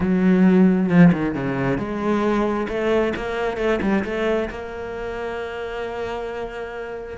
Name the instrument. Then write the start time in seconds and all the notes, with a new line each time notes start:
cello
0.00 F#3
0.89 F3
1.12 D#3
1.34 C#3
1.77 G#3
2.68 A3
3.16 A#3
3.57 A3
3.81 G3
4.04 A3
4.50 A#3